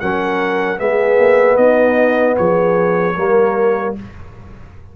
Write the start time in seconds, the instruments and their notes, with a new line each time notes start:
0.00 tuba F#3, trombone C#4, horn A#4, trumpet F#5
0.77 tuba G#3, trombone B3, horn G#4, trumpet E5
1.19 tuba A#3
1.56 tuba B3, horn D#4, trumpet D#5
2.37 tuba F3, horn G#4, trumpet C#5
3.16 tuba G3, trombone A#3, horn A#4